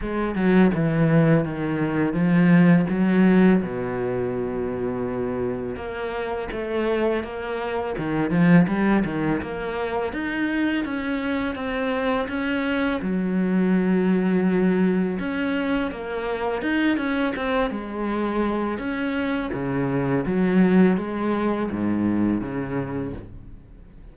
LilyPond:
\new Staff \with { instrumentName = "cello" } { \time 4/4 \tempo 4 = 83 gis8 fis8 e4 dis4 f4 | fis4 b,2. | ais4 a4 ais4 dis8 f8 | g8 dis8 ais4 dis'4 cis'4 |
c'4 cis'4 fis2~ | fis4 cis'4 ais4 dis'8 cis'8 | c'8 gis4. cis'4 cis4 | fis4 gis4 gis,4 cis4 | }